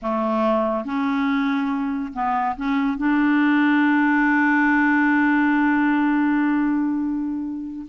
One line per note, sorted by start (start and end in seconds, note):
0.01 0.85 A3
0.85 2.12 C#4
2.13 2.56 B3
2.56 2.97 C#4
2.97 7.86 D4